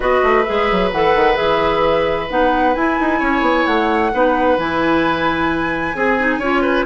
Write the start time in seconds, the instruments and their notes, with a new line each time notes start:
0.00 bassoon B3, clarinet F#4, oboe B4, flute D#5
0.23 bassoon A3
0.44 bassoon G#3, clarinet G#4, flute E5
0.71 bassoon F#3
0.91 bassoon E3, clarinet A4, flute F#5
1.15 bassoon D#3
1.34 bassoon E3, clarinet G#4, flute E5
2.29 bassoon B3, clarinet D#4, flute F#5
2.74 clarinet E4, bassoon E4, flute G#5
3.00 bassoon D#4
3.19 bassoon C#4, oboe C#5
3.41 bassoon B3
3.66 bassoon A3, flute F#5
4.12 bassoon B3, clarinet D#4, oboe B4
4.57 bassoon E3, clarinet E4, flute G#5
5.94 bassoon C4, clarinet G#4, oboe G#4
6.18 clarinet D#4
6.38 bassoon C#4, clarinet F4, oboe C#5
6.62 oboe B4